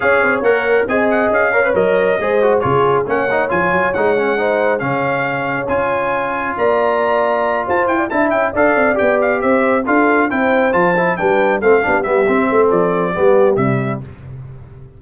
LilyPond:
<<
  \new Staff \with { instrumentName = "trumpet" } { \time 4/4 \tempo 4 = 137 f''4 fis''4 gis''8 fis''8 f''4 | dis''2 cis''4 fis''4 | gis''4 fis''2 f''4~ | f''4 gis''2 ais''4~ |
ais''4. a''8 g''8 a''8 g''8 f''8~ | f''8 g''8 f''8 e''4 f''4 g''8~ | g''8 a''4 g''4 f''4 e''8~ | e''4 d''2 e''4 | }
  \new Staff \with { instrumentName = "horn" } { \time 4/4 cis''2 dis''4. cis''8~ | cis''4 c''4 gis'4 cis''4~ | cis''2 c''4 cis''4~ | cis''2. d''4~ |
d''4. c''8. d''16 e''4 d''8~ | d''4. c''4 a'4 c''8~ | c''4. b'4 a'8 g'4~ | g'8 a'4. g'2 | }
  \new Staff \with { instrumentName = "trombone" } { \time 4/4 gis'4 ais'4 gis'4. ais'16 b'16 | ais'4 gis'8 fis'8 f'4 cis'8 dis'8 | f'4 dis'8 cis'8 dis'4 cis'4~ | cis'4 f'2.~ |
f'2~ f'8 e'4 a'8~ | a'8 g'2 f'4 e'8~ | e'8 f'8 e'8 d'4 c'8 d'8 b8 | c'2 b4 g4 | }
  \new Staff \with { instrumentName = "tuba" } { \time 4/4 cis'8 c'8 ais4 c'4 cis'4 | fis4 gis4 cis4 ais4 | f8 fis8 gis2 cis4~ | cis4 cis'2 ais4~ |
ais4. f'8 e'8 d'8 cis'8 d'8 | c'8 b4 c'4 d'4 c'8~ | c'8 f4 g4 a8 b8 g8 | c'8 a8 f4 g4 c4 | }
>>